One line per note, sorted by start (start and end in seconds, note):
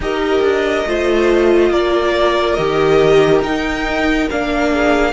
0.00 0.41 D#4
0.00 0.86 G4
0.00 0.87 A#4
0.00 1.72 D#5
0.41 0.84 D4
0.85 1.70 A3
0.85 2.57 F4
0.85 1.71 C5
1.70 2.56 A#3
1.70 4.71 A#4
1.70 2.54 D5
2.54 3.41 D#3
2.54 3.43 G4
2.54 3.39 D#5
3.41 4.27 D#4
3.41 4.29 D#4
3.41 4.29 G5
4.30 5.12 A#3
4.30 5.12 D4
4.30 5.12 F5
4.71 5.12 G#4